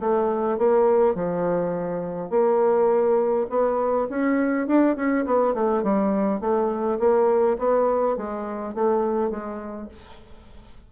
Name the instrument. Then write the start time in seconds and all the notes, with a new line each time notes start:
bassoon
0.00 A3
0.58 A#3
1.15 F3
2.30 A#3
3.50 B3
4.10 C#4
4.67 D4
4.96 C#4
5.26 B3
5.54 A3
5.83 G3
6.41 A3
6.99 A#3
7.59 B3
8.17 G#3
8.74 A3
9.30 G#3